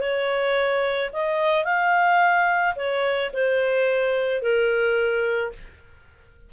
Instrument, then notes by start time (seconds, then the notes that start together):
clarinet
0.00 C#5
1.12 D#5
1.64 F5
2.75 C#5
3.33 C5
4.42 A#4